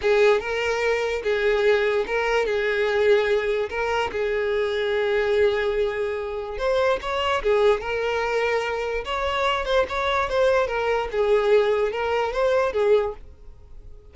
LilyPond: \new Staff \with { instrumentName = "violin" } { \time 4/4 \tempo 4 = 146 gis'4 ais'2 gis'4~ | gis'4 ais'4 gis'2~ | gis'4 ais'4 gis'2~ | gis'1 |
c''4 cis''4 gis'4 ais'4~ | ais'2 cis''4. c''8 | cis''4 c''4 ais'4 gis'4~ | gis'4 ais'4 c''4 gis'4 | }